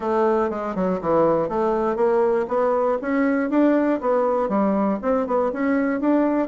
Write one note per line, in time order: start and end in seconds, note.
0.00 0.50 A3
0.50 0.75 G#3
0.75 1.00 F#3
1.01 1.49 E3
1.49 1.96 A3
1.96 2.46 A#3
2.48 2.97 B3
3.01 3.50 C#4
3.50 4.00 D4
4.00 4.48 B3
4.48 4.98 G3
5.02 5.26 C4
5.26 5.51 B3
5.52 6.00 C#4
6.00 6.48 D4